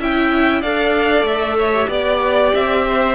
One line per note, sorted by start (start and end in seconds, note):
0.00 0.63 C#4
0.00 0.64 E4
0.00 0.62 E5
0.00 0.62 G5
0.62 1.24 D4
0.62 1.74 A4
0.62 1.57 D5
0.62 1.26 F5
1.24 1.87 A3
1.24 1.91 E5
1.58 1.89 C#5
1.74 3.15 G4
1.89 2.53 B3
1.89 2.84 D5
1.89 2.55 D5
2.55 3.15 C4
2.55 3.15 E5
2.88 3.15 C5